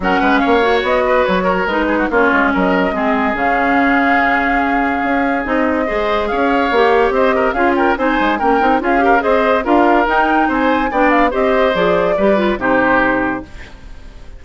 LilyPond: <<
  \new Staff \with { instrumentName = "flute" } { \time 4/4 \tempo 4 = 143 fis''4 f''4 dis''4 cis''4 | b'4 cis''4 dis''2 | f''1~ | f''4 dis''2 f''4~ |
f''4 dis''4 f''8 g''8 gis''4 | g''4 f''4 dis''4 f''4 | g''4 gis''4 g''8 f''8 dis''4 | d''2 c''2 | }
  \new Staff \with { instrumentName = "oboe" } { \time 4/4 ais'8 b'8 cis''4. b'4 ais'8~ | ais'8 gis'16 fis'16 f'4 ais'4 gis'4~ | gis'1~ | gis'2 c''4 cis''4~ |
cis''4 c''8 ais'8 gis'8 ais'8 c''4 | ais'4 gis'8 ais'8 c''4 ais'4~ | ais'4 c''4 d''4 c''4~ | c''4 b'4 g'2 | }
  \new Staff \with { instrumentName = "clarinet" } { \time 4/4 cis'4. fis'2~ fis'8 | dis'4 cis'2 c'4 | cis'1~ | cis'4 dis'4 gis'2 |
g'2 f'4 dis'4 | cis'8 dis'8 f'8 g'8 gis'4 f'4 | dis'2 d'4 g'4 | gis'4 g'8 f'8 dis'2 | }
  \new Staff \with { instrumentName = "bassoon" } { \time 4/4 fis8 gis8 ais4 b4 fis4 | gis4 ais8 gis8 fis4 gis4 | cis1 | cis'4 c'4 gis4 cis'4 |
ais4 c'4 cis'4 c'8 gis8 | ais8 c'8 cis'4 c'4 d'4 | dis'4 c'4 b4 c'4 | f4 g4 c2 | }
>>